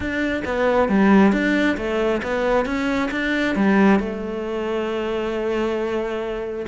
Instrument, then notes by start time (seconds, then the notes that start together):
cello
0.00 D4
0.44 B3
0.88 G3
1.32 D4
1.77 A3
2.22 B3
2.65 C#4
3.11 D4
3.55 G3
3.99 A3